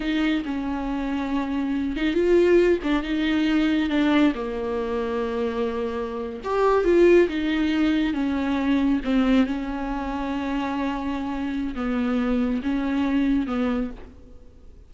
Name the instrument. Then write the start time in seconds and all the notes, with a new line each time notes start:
viola
0.00 D#4
0.45 C#4
1.96 D#4
2.13 F4
2.83 D4
3.02 D#4
3.89 D4
4.34 A#3
6.44 G4
6.84 F4
7.28 D#4
8.13 C#4
9.04 C4
9.46 C#4
11.75 B3
12.62 C#4
13.46 B3